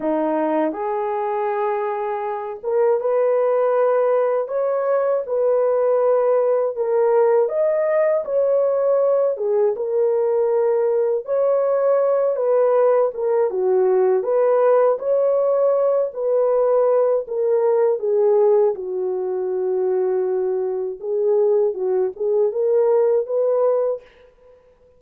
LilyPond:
\new Staff \with { instrumentName = "horn" } { \time 4/4 \tempo 4 = 80 dis'4 gis'2~ gis'8 ais'8 | b'2 cis''4 b'4~ | b'4 ais'4 dis''4 cis''4~ | cis''8 gis'8 ais'2 cis''4~ |
cis''8 b'4 ais'8 fis'4 b'4 | cis''4. b'4. ais'4 | gis'4 fis'2. | gis'4 fis'8 gis'8 ais'4 b'4 | }